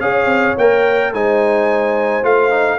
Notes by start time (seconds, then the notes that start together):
0.00 C#4 G#4 C#5 F5
0.26 C4
0.57 A#3 A#4 G5
1.13 G#3 D#4 C5 G#5
2.23 A3 F4 F5
2.51 D#4